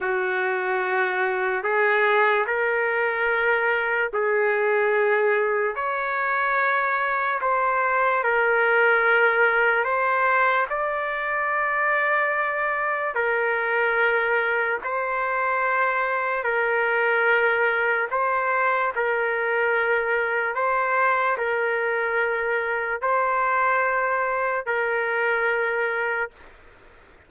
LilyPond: \new Staff \with { instrumentName = "trumpet" } { \time 4/4 \tempo 4 = 73 fis'2 gis'4 ais'4~ | ais'4 gis'2 cis''4~ | cis''4 c''4 ais'2 | c''4 d''2. |
ais'2 c''2 | ais'2 c''4 ais'4~ | ais'4 c''4 ais'2 | c''2 ais'2 | }